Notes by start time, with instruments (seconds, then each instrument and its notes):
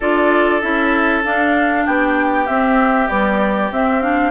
0.00 bassoon D4, clarinet F4, oboe A4, flute D5
0.61 bassoon C#4, clarinet E4, flute E5
1.24 clarinet D4, bassoon D4, flute F5
1.85 bassoon B3, oboe G4, flute G5
2.46 clarinet C4, bassoon C4, flute E5
3.08 clarinet G3, bassoon B3, flute D5
3.71 bassoon C4, clarinet C4, flute E5
4.01 clarinet D4, flute F5